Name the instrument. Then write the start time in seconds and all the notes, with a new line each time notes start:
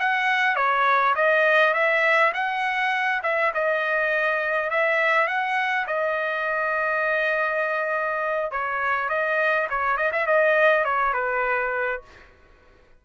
trumpet
0.00 F#5
0.56 C#5
1.16 D#5
1.74 E5
2.34 F#5
3.24 E5
3.55 D#5
4.71 E5
5.28 F#5
5.87 D#5
8.52 C#5
9.09 D#5
9.70 C#5
9.97 D#5
10.13 E5
10.27 D#5
10.85 C#5
11.14 B4